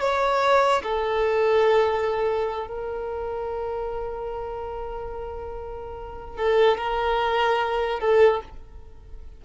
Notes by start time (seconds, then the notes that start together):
0.00 C#5
0.83 A4
2.67 A#4
6.37 A4
6.77 A#4
8.00 A4